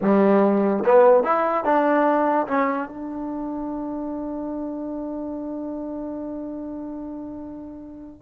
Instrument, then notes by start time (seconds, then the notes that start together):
trombone
0.01 G3
0.85 B3
1.23 E4
1.64 D4
2.47 C#4
2.88 D4